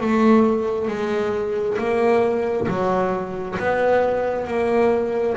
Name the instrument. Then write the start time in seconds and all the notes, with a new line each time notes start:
double bass
0.00 A3
0.88 G#3
1.77 A#3
2.68 F#3
3.59 B3
4.47 A#3